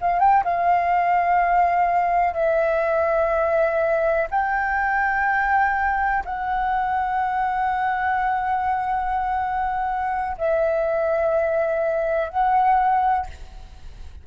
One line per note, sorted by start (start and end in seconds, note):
0.00 0.19 F5
0.19 0.43 G5
0.44 2.34 F5
2.34 4.27 E5
4.30 6.24 G5
6.25 10.36 F#5
10.38 12.29 E5
12.29 13.26 F#5